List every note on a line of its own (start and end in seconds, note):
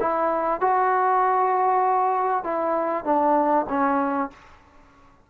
0.00 0.60 E4
0.60 2.44 F#4
2.44 3.04 E4
3.04 3.65 D4
3.68 4.30 C#4